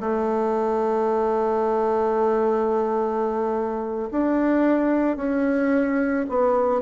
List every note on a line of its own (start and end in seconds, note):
0.00 4.09 A3
4.11 5.16 D4
5.16 6.25 C#4
6.29 6.81 B3